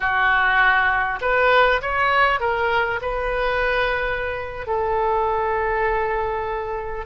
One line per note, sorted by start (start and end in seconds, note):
0.00 1.19 F#4
1.21 1.81 B4
1.81 2.40 C#5
2.40 3.00 A#4
3.01 4.66 B4
4.66 7.05 A4